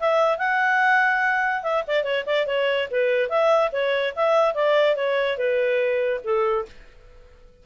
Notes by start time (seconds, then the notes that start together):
0.00 E5
0.38 F#5
1.63 E5
1.88 D5
2.04 C#5
2.26 D5
2.47 C#5
2.91 B4
3.30 E5
3.72 C#5
4.16 E5
4.55 D5
4.96 C#5
5.38 B4
6.24 A4